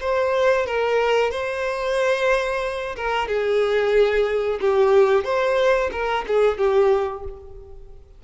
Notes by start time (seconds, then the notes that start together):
0.00 C5
0.66 A#4
1.31 C5
2.96 A#4
3.28 G#4
4.61 G4
5.24 C5
5.92 A#4
6.27 G#4
6.58 G4